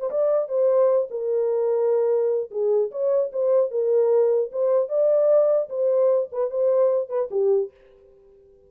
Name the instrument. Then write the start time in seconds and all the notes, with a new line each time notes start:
horn
0.00 C5
0.10 D5
0.48 C5
1.11 A#4
2.51 G#4
2.91 C#5
3.33 C5
3.71 A#4
4.52 C5
4.89 D5
5.69 C5
6.32 B4
6.50 C5
7.09 B4
7.31 G4